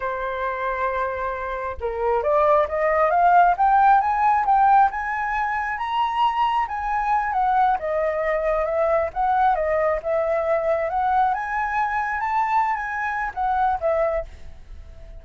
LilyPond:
\new Staff \with { instrumentName = "flute" } { \time 4/4 \tempo 4 = 135 c''1 | ais'4 d''4 dis''4 f''4 | g''4 gis''4 g''4 gis''4~ | gis''4 ais''2 gis''4~ |
gis''8 fis''4 dis''2 e''8~ | e''8 fis''4 dis''4 e''4.~ | e''8 fis''4 gis''2 a''8~ | a''8. gis''4~ gis''16 fis''4 e''4 | }